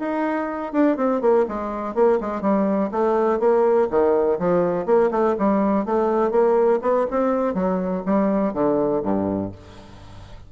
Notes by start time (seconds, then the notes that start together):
0.00 D#4
0.73 D4
0.97 C4
1.22 A#3
1.49 G#3
1.95 A#3
2.21 G#3
2.42 G3
2.92 A3
3.40 A#3
3.90 D#3
4.39 F3
4.86 A#3
5.11 A3
5.39 G3
5.86 A3
6.31 A#3
6.82 B3
7.11 C4
7.55 F#3
8.06 G3
8.54 D3
9.03 G2